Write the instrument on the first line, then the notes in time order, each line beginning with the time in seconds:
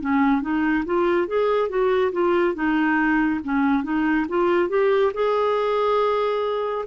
clarinet
0.00 C#4
0.41 D#4
0.85 F4
1.27 G#4
1.69 F#4
2.12 F4
2.54 D#4
3.44 C#4
3.83 D#4
4.29 F4
4.69 G4
5.14 G#4